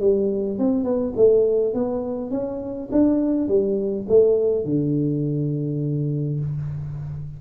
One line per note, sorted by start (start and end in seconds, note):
0.00 0.58 G3
0.58 0.84 C4
0.84 1.13 B3
1.16 1.74 A3
1.74 2.31 B3
2.31 2.89 C#4
2.92 3.48 D4
3.48 4.06 G3
4.09 4.65 A3
4.65 6.40 D3